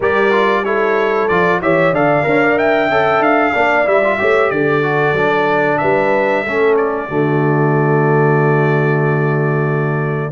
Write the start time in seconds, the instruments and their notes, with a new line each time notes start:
0.00 tuba G3, trombone G4, horn A#4, trumpet D5
0.31 trombone F4
0.64 trombone E4, horn A4, trumpet C#5
1.27 tuba F3, trombone F4, trumpet D5
1.61 tuba E3, trombone G4, horn C#5, trumpet E5
1.92 tuba D3, trombone A4, horn D5, trumpet F5
2.23 tuba D4, trombone A#4, horn C#5
2.43 horn D5
2.56 horn E5, trumpet G5
2.89 tuba C#4, trombone A4
3.19 tuba D4, trumpet F5
3.54 tuba A#3, trombone D4, horn D5
3.84 tuba G3, trombone E4, trumpet E5
4.04 trombone F4
4.18 tuba A3, trombone G4, horn C#5
4.50 tuba D3, horn A4, trumpet D5
4.82 trombone F#4
5.12 tuba F#3, trombone D4
5.77 tuba G3, horn B4, trumpet E5
6.43 tuba A3, trombone C#4, horn A4
6.76 trumpet D5
7.07 tuba D3, trombone A3, horn F#4